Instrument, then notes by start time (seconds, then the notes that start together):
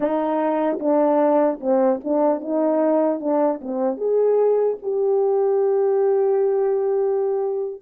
horn
0.00 D#4
0.79 D4
1.60 C4
2.04 D4
2.40 D#4
3.20 D4
3.61 C4
3.97 G#4
4.82 G4